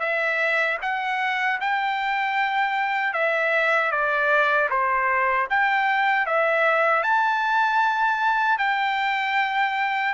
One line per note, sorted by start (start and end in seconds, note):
0.00 0.78 E5
0.82 1.60 F#5
1.61 3.13 G5
3.13 3.91 E5
3.91 4.69 D5
4.70 5.48 C5
5.50 6.26 G5
6.26 7.03 E5
7.03 8.58 A5
8.58 10.14 G5